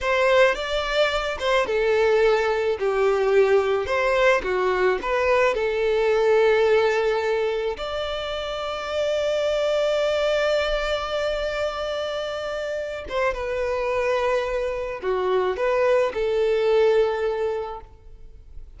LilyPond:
\new Staff \with { instrumentName = "violin" } { \time 4/4 \tempo 4 = 108 c''4 d''4. c''8 a'4~ | a'4 g'2 c''4 | fis'4 b'4 a'2~ | a'2 d''2~ |
d''1~ | d''2.~ d''8 c''8 | b'2. fis'4 | b'4 a'2. | }